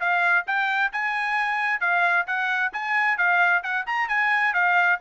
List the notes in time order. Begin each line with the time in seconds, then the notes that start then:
0.00 F5
0.47 G5
0.93 G#5
1.80 F5
2.27 F#5
2.73 G#5
3.18 F5
3.63 F#5
3.87 A#5
4.08 G#5
4.54 F5